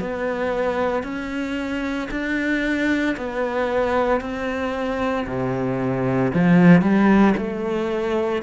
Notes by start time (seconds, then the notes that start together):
0.00 B3
1.03 C#4
2.11 D4
3.17 B3
4.21 C4
5.27 C3
6.34 F3
6.81 G3
7.37 A3